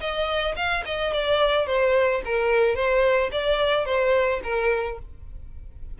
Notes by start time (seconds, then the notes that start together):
0.00 D#5
0.56 F5
0.85 D#5
1.13 D5
1.66 C5
2.25 A#4
2.75 C5
3.32 D5
3.85 C5
4.43 A#4